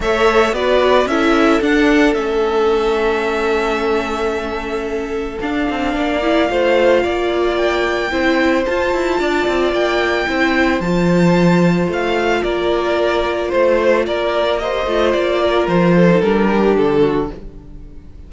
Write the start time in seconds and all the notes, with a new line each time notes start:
0.00 A3 A4 C#5 E5
0.52 B3 F#4 B4 D5
1.06 C#4 E4 A4 E5
1.61 D4 F#5
2.14 A3 C#4 E5
5.40 D4 F5
5.69 C4
5.95 A#3 D5
6.22 E4
6.48 A3 F4 C5
7.03 A#3 D5
7.56 G5
8.10 C4 E4 C5
8.65 F4 A5
8.93 E4
9.19 D4 D5
9.47 C4
9.72 A#3 G5
10.27 C4 E4 C5
10.80 F3 F4 A5
11.88 A3 F5
12.42 A#3 A#4 D5
13.48 A3 C5
14.06 A#3 A#4 D5
14.58 G4 C5 D#5
14.86 A3 F4
15.12 A#3 D5
15.42 A#4
15.67 F3 C5
15.95 A4
16.09 D#4
16.21 G3 D4 A#4
16.48 G4
16.76 D3 A4
17.00 F#4